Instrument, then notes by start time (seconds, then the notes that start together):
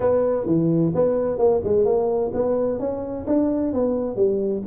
tuba
0.00 B3
0.46 E3
0.95 B3
1.38 A#3
1.64 G#3
1.85 A#3
2.33 B3
2.79 C#4
3.26 D4
3.73 B3
4.16 G3